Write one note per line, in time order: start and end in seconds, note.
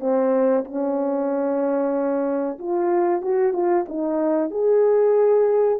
0.00 0.65 C4
0.65 2.58 C#4
2.59 3.21 F4
3.21 3.53 F#4
3.53 3.86 F4
3.88 4.51 D#4
4.51 5.80 G#4